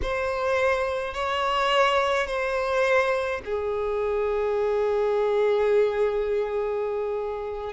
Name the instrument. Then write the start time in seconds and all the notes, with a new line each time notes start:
violin
0.02 C5
1.14 C#5
2.26 C5
3.44 G#4